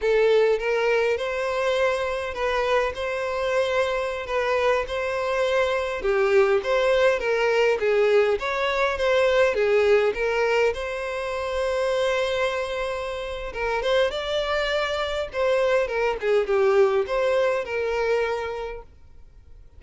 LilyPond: \new Staff \with { instrumentName = "violin" } { \time 4/4 \tempo 4 = 102 a'4 ais'4 c''2 | b'4 c''2~ c''16 b'8.~ | b'16 c''2 g'4 c''8.~ | c''16 ais'4 gis'4 cis''4 c''8.~ |
c''16 gis'4 ais'4 c''4.~ c''16~ | c''2. ais'8 c''8 | d''2 c''4 ais'8 gis'8 | g'4 c''4 ais'2 | }